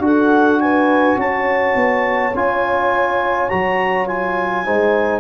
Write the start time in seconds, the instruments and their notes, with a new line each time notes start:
0.00 tuba D4, trombone F#4, horn A4, clarinet F#5
0.61 horn B4, clarinet G#5
1.17 tuba C#4, horn C#5, clarinet A5
1.76 tuba B3
2.34 tuba C#4, trombone F4, clarinet G#5
3.49 tuba F#3, trombone F#4, clarinet A#5
4.08 trombone F4, clarinet G#5
4.65 tuba G#3, trombone D#4, horn C5